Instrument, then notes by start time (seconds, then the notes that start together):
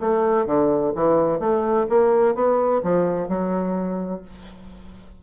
bassoon
0.00 A3
0.46 D3
0.95 E3
1.39 A3
1.89 A#3
2.35 B3
2.83 F3
3.28 F#3